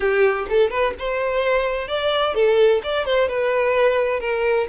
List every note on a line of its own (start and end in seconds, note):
0.00 0.46 G4
0.49 0.70 A4
0.70 0.94 B4
0.98 1.88 C5
1.88 2.34 D5
2.34 2.81 A4
2.83 3.05 D5
3.05 3.28 C5
3.28 4.20 B4
4.20 4.67 A#4